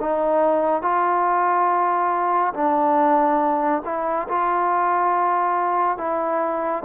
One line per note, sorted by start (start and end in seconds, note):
0.00 0.82 D#4
0.82 2.53 F4
2.54 3.82 D4
3.85 4.28 E4
4.28 5.97 F4
5.97 6.83 E4